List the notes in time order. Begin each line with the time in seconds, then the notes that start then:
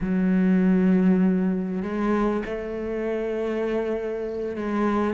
0.01 F#3
1.82 G#3
2.45 A3
4.56 G#3